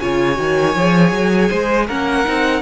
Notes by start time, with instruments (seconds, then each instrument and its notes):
0.00 cello C#3, viola F4, violin C#5 G#5
0.35 cello D#3, viola F#4
0.75 cello F3, viola G#4
1.12 cello F#3
1.49 cello G#3, violin C5
1.87 cello A#3, viola C#4, violin A#4 F#5
2.25 cello C4, viola D#4